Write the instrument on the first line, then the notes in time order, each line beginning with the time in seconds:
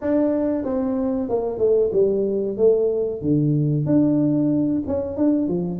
tuba
0.01 D4
0.64 C4
1.29 A#3
1.58 A3
1.92 G3
2.57 A3
3.21 D3
3.86 D4
4.87 C#4
5.16 D4
5.48 F3